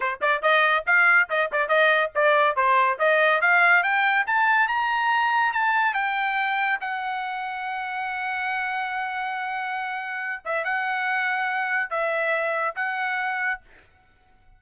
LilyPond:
\new Staff \with { instrumentName = "trumpet" } { \time 4/4 \tempo 4 = 141 c''8 d''8 dis''4 f''4 dis''8 d''8 | dis''4 d''4 c''4 dis''4 | f''4 g''4 a''4 ais''4~ | ais''4 a''4 g''2 |
fis''1~ | fis''1~ | fis''8 e''8 fis''2. | e''2 fis''2 | }